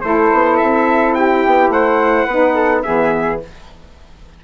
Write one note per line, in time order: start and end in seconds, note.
0.00 0.31 A3
0.00 2.28 E4
0.00 1.16 A4
0.00 0.56 C5
0.33 0.61 B3
0.56 1.46 C4
0.56 1.13 E5
1.14 1.72 G4
1.14 1.70 G5
1.46 1.68 B3
1.68 2.25 A3
1.68 2.25 C5
1.68 2.82 F#5
2.25 2.84 B3
2.25 2.84 D#4
2.25 2.54 B4
2.54 2.82 A4
2.82 3.44 E3
2.82 3.40 B3
2.82 3.41 G#4
2.82 3.39 E5